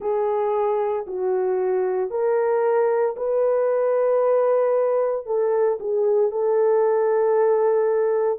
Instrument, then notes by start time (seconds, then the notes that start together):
horn
0.00 G#4
1.07 F#4
2.10 A#4
3.16 B4
5.25 A4
5.79 G#4
6.31 A4